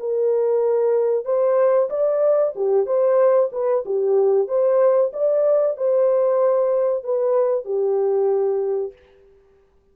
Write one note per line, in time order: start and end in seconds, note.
0.00 1.25 A#4
1.25 1.89 C5
1.90 2.54 D5
2.56 2.86 G4
2.86 3.50 C5
3.53 3.84 B4
3.86 4.48 G4
4.48 5.12 C5
5.13 5.77 D5
5.77 7.04 C5
7.04 7.65 B4
7.65 8.93 G4